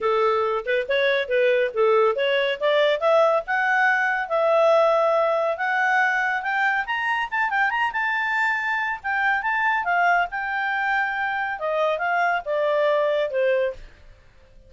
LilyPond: \new Staff \with { instrumentName = "clarinet" } { \time 4/4 \tempo 4 = 140 a'4. b'8 cis''4 b'4 | a'4 cis''4 d''4 e''4 | fis''2 e''2~ | e''4 fis''2 g''4 |
ais''4 a''8 g''8 ais''8 a''4.~ | a''4 g''4 a''4 f''4 | g''2. dis''4 | f''4 d''2 c''4 | }